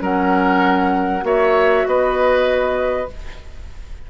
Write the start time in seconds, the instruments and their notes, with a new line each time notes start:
0.00 bassoon F#3, clarinet C#4, oboe A#4, flute F#5
1.22 bassoon A#3, clarinet F#4, oboe C#5, flute E5
1.86 bassoon B3, oboe B4, flute D#5